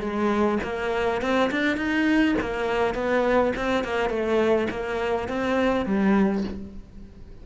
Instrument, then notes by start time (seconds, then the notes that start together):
cello
0.00 G#3
0.63 A#3
1.21 C4
1.51 D4
1.76 D#4
2.40 A#3
2.94 B3
3.56 C4
3.84 A#3
4.09 A3
4.70 A#3
5.28 C4
5.85 G3